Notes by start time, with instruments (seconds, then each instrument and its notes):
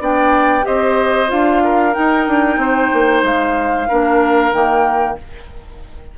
0.00 bassoon B3, clarinet D4, oboe D5, flute G5
0.62 bassoon C4, clarinet G4, oboe C5, flute D#5
1.28 bassoon D4, clarinet F4, flute F5
1.64 oboe A#4
1.94 clarinet D#4, bassoon D#4, flute G5
2.28 bassoon D4
2.57 bassoon C4, oboe C5
2.93 bassoon A#3
3.23 bassoon G#3, flute F5
3.88 bassoon A#3, clarinet D4, oboe A#4
4.53 bassoon D#3, clarinet A#3, flute G5